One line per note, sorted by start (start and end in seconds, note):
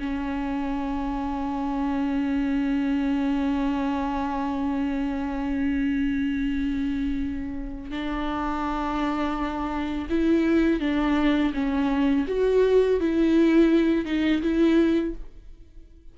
0.00 7.91 C#4
7.91 10.08 D4
10.10 10.80 E4
10.80 11.53 D4
11.54 12.27 C#4
12.28 13.00 F#4
13.00 14.06 E4
14.06 14.42 D#4
14.42 15.15 E4